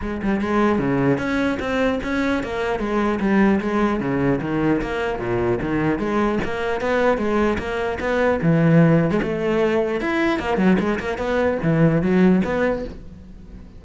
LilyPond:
\new Staff \with { instrumentName = "cello" } { \time 4/4 \tempo 4 = 150 gis8 g8 gis4 cis4 cis'4 | c'4 cis'4 ais4 gis4 | g4 gis4 cis4 dis4 | ais4 ais,4 dis4 gis4 |
ais4 b4 gis4 ais4 | b4 e4.~ e16 gis16 a4~ | a4 e'4 ais8 fis8 gis8 ais8 | b4 e4 fis4 b4 | }